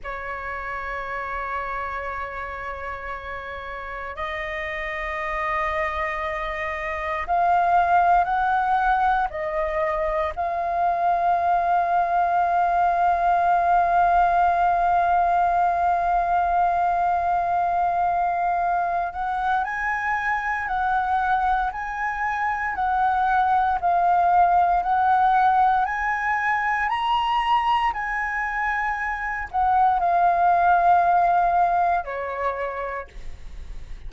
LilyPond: \new Staff \with { instrumentName = "flute" } { \time 4/4 \tempo 4 = 58 cis''1 | dis''2. f''4 | fis''4 dis''4 f''2~ | f''1~ |
f''2~ f''8 fis''8 gis''4 | fis''4 gis''4 fis''4 f''4 | fis''4 gis''4 ais''4 gis''4~ | gis''8 fis''8 f''2 cis''4 | }